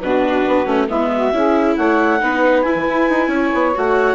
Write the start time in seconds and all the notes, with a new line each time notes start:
0.00 B2 D4 F#4 B4
0.47 B3
0.65 A3 C#4
0.87 G#3 B3 E4 E5
1.14 F#4
1.32 C#4 E4 G#4
1.76 A3 C#5 F#5
2.20 B3 D#4 B4
2.62 E4 G#5
2.75 E3
2.88 E4
3.09 D#4
3.27 C#4 C#5
3.53 B3
3.74 A3 F#4 F#5